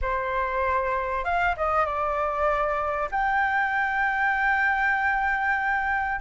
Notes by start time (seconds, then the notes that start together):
0.01 C5
1.24 F5
1.56 D#5
1.85 D5
3.11 G5